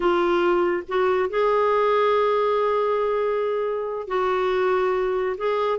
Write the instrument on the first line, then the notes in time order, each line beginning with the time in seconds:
clarinet
0.00 F4
0.88 F#4
1.29 G#4
4.07 F#4
5.37 G#4